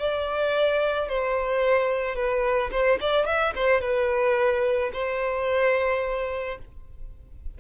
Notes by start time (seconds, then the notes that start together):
0.00 D5
1.09 C5
2.16 B4
2.72 C5
3.01 D5
3.26 E5
3.56 C5
3.81 B4
4.94 C5